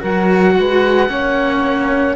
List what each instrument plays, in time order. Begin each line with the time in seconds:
0.00 cello F#3 F#4, saxophone A#4, oboe F#5
0.58 cello G#3, saxophone B4
1.09 cello A#3 C#4, saxophone C#5